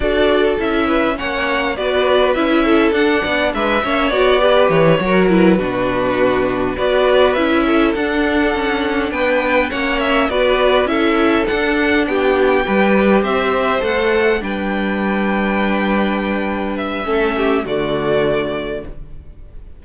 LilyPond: <<
  \new Staff \with { instrumentName = "violin" } { \time 4/4 \tempo 4 = 102 d''4 e''4 fis''4 d''4 | e''4 fis''4 e''4 d''4 | cis''4 b'2~ b'8 d''8~ | d''8 e''4 fis''2 g''8~ |
g''8 fis''8 e''8 d''4 e''4 fis''8~ | fis''8 g''2 e''4 fis''8~ | fis''8 g''2.~ g''8~ | g''8 e''4. d''2 | }
  \new Staff \with { instrumentName = "violin" } { \time 4/4 a'4. b'8 cis''4 b'4~ | b'8 a'4 d''8 b'8 cis''4 b'8~ | b'8 ais'4 fis'2 b'8~ | b'4 a'2~ a'8 b'8~ |
b'8 cis''4 b'4 a'4.~ | a'8 g'4 b'4 c''4.~ | c''8 b'2.~ b'8~ | b'4 a'8 g'8 fis'2 | }
  \new Staff \with { instrumentName = "viola" } { \time 4/4 fis'4 e'4 cis'4 fis'4 | e'4 d'4. cis'8 fis'8 g'8~ | g'8 fis'8 e'8 d'2 fis'8~ | fis'8 e'4 d'2~ d'8~ |
d'8 cis'4 fis'4 e'4 d'8~ | d'4. g'2 a'8~ | a'8 d'2.~ d'8~ | d'4 cis'4 a2 | }
  \new Staff \with { instrumentName = "cello" } { \time 4/4 d'4 cis'4 ais4 b4 | cis'4 d'8 b8 gis8 ais8 b4 | e8 fis4 b,2 b8~ | b8 cis'4 d'4 cis'4 b8~ |
b8 ais4 b4 cis'4 d'8~ | d'8 b4 g4 c'4 a8~ | a8 g2.~ g8~ | g4 a4 d2 | }
>>